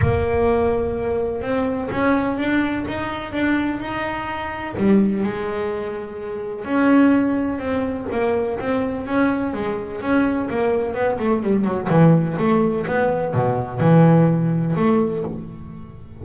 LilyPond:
\new Staff \with { instrumentName = "double bass" } { \time 4/4 \tempo 4 = 126 ais2. c'4 | cis'4 d'4 dis'4 d'4 | dis'2 g4 gis4~ | gis2 cis'2 |
c'4 ais4 c'4 cis'4 | gis4 cis'4 ais4 b8 a8 | g8 fis8 e4 a4 b4 | b,4 e2 a4 | }